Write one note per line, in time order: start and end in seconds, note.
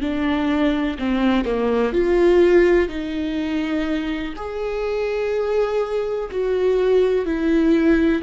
0.00 0.97 D4
0.98 1.44 C4
1.44 1.92 A#3
1.92 2.88 F4
2.88 4.33 D#4
4.36 6.29 G#4
6.31 7.25 F#4
7.25 8.22 E4